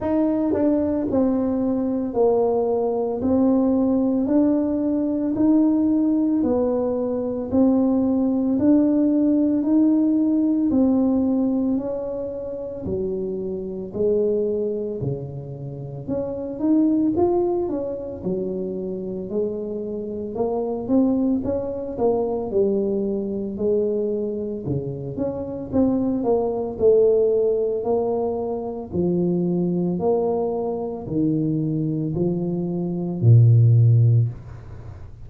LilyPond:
\new Staff \with { instrumentName = "tuba" } { \time 4/4 \tempo 4 = 56 dis'8 d'8 c'4 ais4 c'4 | d'4 dis'4 b4 c'4 | d'4 dis'4 c'4 cis'4 | fis4 gis4 cis4 cis'8 dis'8 |
f'8 cis'8 fis4 gis4 ais8 c'8 | cis'8 ais8 g4 gis4 cis8 cis'8 | c'8 ais8 a4 ais4 f4 | ais4 dis4 f4 ais,4 | }